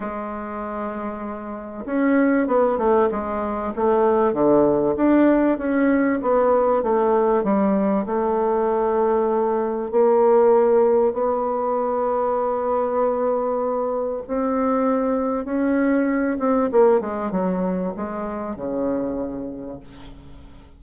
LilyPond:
\new Staff \with { instrumentName = "bassoon" } { \time 4/4 \tempo 4 = 97 gis2. cis'4 | b8 a8 gis4 a4 d4 | d'4 cis'4 b4 a4 | g4 a2. |
ais2 b2~ | b2. c'4~ | c'4 cis'4. c'8 ais8 gis8 | fis4 gis4 cis2 | }